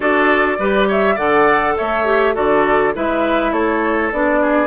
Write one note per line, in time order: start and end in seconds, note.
0.00 0.58 D4
0.00 0.58 F#4
0.00 0.58 A4
0.00 0.86 D5
0.58 1.17 G3
0.58 1.16 G4
0.58 0.88 B4
0.88 1.14 C#5
0.88 1.17 E5
1.14 1.76 D3
1.14 2.05 A4
1.14 1.73 D5
1.14 1.76 F#5
1.76 2.36 A3
1.76 2.34 C#5
1.76 2.35 E5
2.05 2.34 G4
2.34 2.95 D3
2.34 2.93 F#4
2.34 2.93 A4
2.34 2.94 D5
2.94 3.52 G#3
2.94 4.11 E4
2.94 3.52 B4
2.94 3.52 E5
3.52 4.11 A3
3.52 4.40 A4
3.52 4.11 C#5
4.12 4.67 B3
4.12 4.67 D4
4.12 4.67 D5
4.41 4.67 G#4